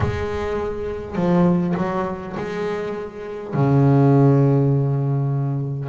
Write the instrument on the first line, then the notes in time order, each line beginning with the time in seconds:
double bass
0.00 G#3
1.15 F3
1.76 F#3
2.36 G#3
3.53 C#3